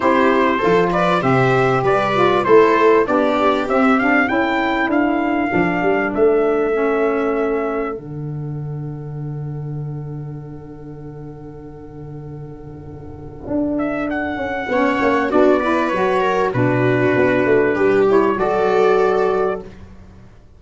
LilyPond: <<
  \new Staff \with { instrumentName = "trumpet" } { \time 4/4 \tempo 4 = 98 c''4. d''8 e''4 d''4 | c''4 d''4 e''8 f''8 g''4 | f''2 e''2~ | e''4 fis''2.~ |
fis''1~ | fis''2~ fis''8 e''8 fis''4~ | fis''4 d''4 cis''4 b'4~ | b'4. cis''8 d''2 | }
  \new Staff \with { instrumentName = "viola" } { \time 4/4 g'4 a'8 b'8 c''4 b'4 | a'4 g'2 a'4~ | a'1~ | a'1~ |
a'1~ | a'1 | cis''4 fis'8 b'4 ais'8 fis'4~ | fis'4 g'4 a'2 | }
  \new Staff \with { instrumentName = "saxophone" } { \time 4/4 e'4 f'4 g'4. f'8 | e'4 d'4 c'8 d'8 e'4~ | e'4 d'2 cis'4~ | cis'4 d'2.~ |
d'1~ | d'1 | cis'4 d'8 e'8 fis'4 d'4~ | d'4. e'8 fis'2 | }
  \new Staff \with { instrumentName = "tuba" } { \time 4/4 c'4 f4 c4 g4 | a4 b4 c'4 cis'4 | d'4 f8 g8 a2~ | a4 d2.~ |
d1~ | d2 d'4. cis'8 | b8 ais8 b4 fis4 b,4 | b8 a8 g4 fis2 | }
>>